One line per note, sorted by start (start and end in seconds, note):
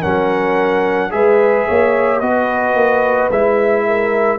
0.00 1.12 F#3
0.00 1.10 C#4
0.00 1.09 A#4
0.00 1.11 F#5
1.10 1.67 G#3
1.10 2.20 G#4
1.10 1.67 B4
1.10 2.20 E5
1.67 2.21 A#3
1.67 2.22 C#5
2.20 2.74 B3
2.20 3.31 F#4
2.20 3.86 B4
2.20 3.29 D#5
2.74 3.29 A#3
3.30 4.38 G#3
3.30 4.38 E4
3.30 4.38 E5
3.86 4.38 A#4